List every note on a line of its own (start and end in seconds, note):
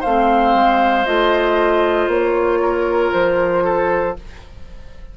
0.00 0.54 A3
0.00 1.06 C4
0.00 2.59 C5
0.00 1.05 F5
0.54 1.06 G#3
1.06 2.07 A3
1.06 4.16 F4
1.06 2.09 D#5
2.07 3.11 A#3
2.07 3.13 C#5
2.62 3.64 A#4
3.13 4.17 F3
3.13 4.16 C5
3.64 4.16 A4